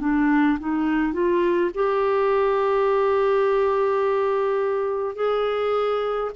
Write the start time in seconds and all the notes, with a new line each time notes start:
0.00 D4
0.59 D#4
1.12 F4
1.74 G4
5.15 G#4